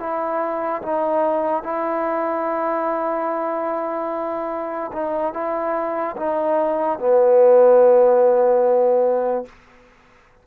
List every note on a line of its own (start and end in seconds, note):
0.00 0.82 E4
0.83 1.63 D#4
1.63 4.92 E4
4.93 5.34 D#4
5.34 6.16 E4
6.17 6.99 D#4
6.99 9.46 B3